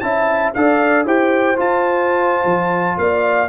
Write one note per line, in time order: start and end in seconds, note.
0.00 0.54 C#4
0.00 0.54 E4
0.00 0.56 E5
0.00 0.51 A5
0.54 1.05 D4
0.54 1.07 A4
0.54 1.06 D5
0.54 1.06 F5
1.05 1.57 E4
1.05 1.57 G4
1.05 2.99 C5
1.05 1.59 G5
1.57 3.49 F4
1.57 2.45 F4
1.57 2.99 A5
2.45 2.96 F3
2.98 3.49 A#3
2.98 3.50 D5
2.98 3.50 F5